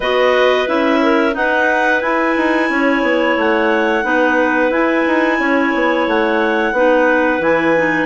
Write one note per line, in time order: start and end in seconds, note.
0.00 0.67 B3
0.00 0.66 F#4
0.00 1.00 B4
0.00 0.68 D#5
0.66 1.35 C#4
0.66 1.32 E4
0.66 1.35 E5
1.02 1.35 A#4
1.32 1.99 D#4
1.32 2.02 D#4
1.32 2.71 B4
1.32 2.01 F#5
2.01 2.35 E4
2.01 4.03 E4
2.01 3.36 G#5
2.36 2.69 D#4
2.69 3.02 C#4
2.69 4.04 C#5
3.02 3.36 B3
3.36 4.03 A3
3.36 4.71 F#5
4.03 4.70 B3
4.03 4.71 D#4
4.03 5.38 B4
4.70 5.03 E4
4.70 6.73 E4
4.70 6.06 G#5
5.07 5.39 D#4
5.39 5.73 C#4
5.39 6.73 C#5
5.73 6.06 B3
6.06 6.72 A3
6.06 7.42 F#5
6.72 7.39 B3
6.72 7.40 D#4
6.72 8.06 B4
7.39 8.06 E3
7.39 7.74 E4
7.39 8.06 G#5
7.76 8.06 D#4